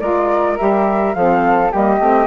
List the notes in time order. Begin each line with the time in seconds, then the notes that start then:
0.00 G#3 F4 A#4 D5
0.58 G3 G4 E5
1.14 F3 C4 A4 F5
1.71 G3 A#3 G4 D#5
2.00 A3 C4